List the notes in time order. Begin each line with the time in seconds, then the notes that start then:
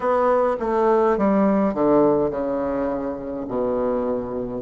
0.00 B3
0.59 A3
1.17 G3
1.74 D3
2.30 C#3
3.48 B2